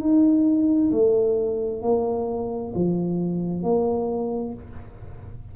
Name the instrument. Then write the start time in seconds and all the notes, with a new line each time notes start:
tuba
0.00 D#4
0.92 A3
1.83 A#3
2.75 F3
3.63 A#3